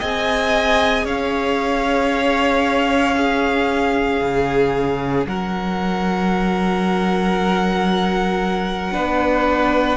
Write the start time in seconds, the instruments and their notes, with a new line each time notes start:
0.00 cello C4, viola G#4, violin D#5 G#5
1.05 cello C#4, violin C#5 F5
3.16 viola C#4, violin G#4
4.21 cello C#3
5.27 cello F#3, violin A#4 F#5
8.93 cello B3, viola D4, violin B4